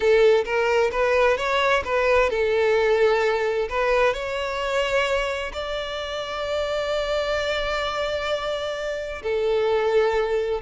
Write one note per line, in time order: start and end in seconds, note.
0.00 0.44 A4
0.44 0.90 A#4
0.91 1.37 B4
1.37 1.83 C#5
1.84 2.30 B4
2.30 3.68 A4
3.69 4.13 B4
4.13 5.52 C#5
5.53 9.22 D5
9.22 10.61 A4